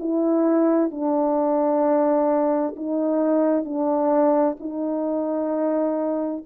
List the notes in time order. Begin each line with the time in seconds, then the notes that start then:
0.00 E4
0.91 D4
2.77 D#4
3.65 D4
4.60 D#4